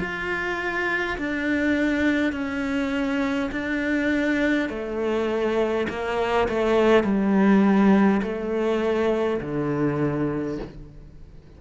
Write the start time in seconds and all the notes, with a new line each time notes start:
0.00 F4
1.18 D4
2.32 C#4
3.51 D4
4.69 A3
5.89 A#3
6.48 A3
7.03 G3
8.22 A3
9.41 D3